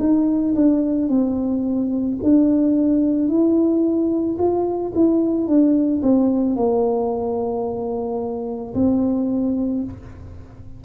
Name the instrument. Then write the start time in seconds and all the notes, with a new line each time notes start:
tuba
0.00 D#4
0.56 D4
1.09 C4
2.23 D4
3.29 E4
4.39 F4
4.95 E4
5.47 D4
6.03 C4
6.57 A#3
8.75 C4